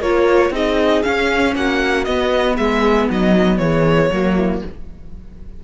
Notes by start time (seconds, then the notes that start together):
0.00 A#3 F4 A#4 C#5
0.50 C4 D#4 G#4 D#5
1.03 C#4 F5
1.55 A#3 F#4 F#5
2.04 B3 D#5
2.57 G#3 G#4 E5
3.08 F#3 D#4 D#5
3.58 E3 G#4 C#5
4.11 F#3 A#3 F#4
4.37 E4